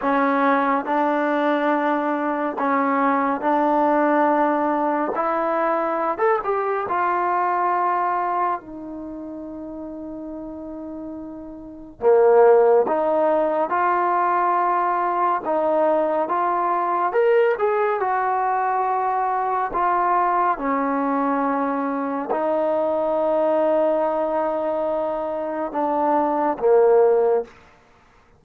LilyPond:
\new Staff \with { instrumentName = "trombone" } { \time 4/4 \tempo 4 = 70 cis'4 d'2 cis'4 | d'2 e'4~ e'16 a'16 g'8 | f'2 dis'2~ | dis'2 ais4 dis'4 |
f'2 dis'4 f'4 | ais'8 gis'8 fis'2 f'4 | cis'2 dis'2~ | dis'2 d'4 ais4 | }